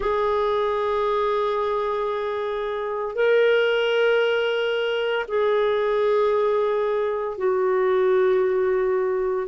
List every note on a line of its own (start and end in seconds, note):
0.00 3.15 G#4
3.15 5.25 A#4
5.27 7.37 G#4
7.37 9.47 F#4